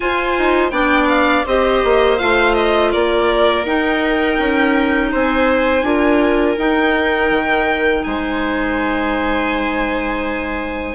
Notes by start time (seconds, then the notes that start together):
0.00 F4 C5 G#5
0.38 D#4
0.70 B3 D4 D5 G5
1.08 F5
1.45 C4 G4 C5 D#5
1.84 A#3
2.18 A3 F4 F5
2.54 D#5
2.91 A#3 A#4 D5
3.65 D#4 G5
4.38 C#4
5.11 C4 C5 G#5
5.82 D4 F4 A#4
6.57 D#4 G5
7.30 D#3
8.03 G#3 C5 G#5